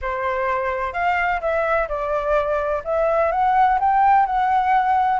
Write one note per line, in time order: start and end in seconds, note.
0.01 0.93 C5
0.93 1.40 F5
1.40 1.88 E5
1.88 2.82 D5
2.84 3.31 E5
3.31 3.78 F#5
3.79 4.25 G5
4.25 5.19 F#5